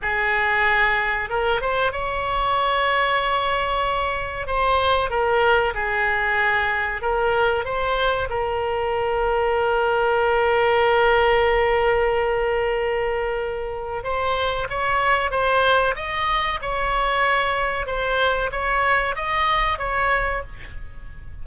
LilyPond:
\new Staff \with { instrumentName = "oboe" } { \time 4/4 \tempo 4 = 94 gis'2 ais'8 c''8 cis''4~ | cis''2. c''4 | ais'4 gis'2 ais'4 | c''4 ais'2.~ |
ais'1~ | ais'2 c''4 cis''4 | c''4 dis''4 cis''2 | c''4 cis''4 dis''4 cis''4 | }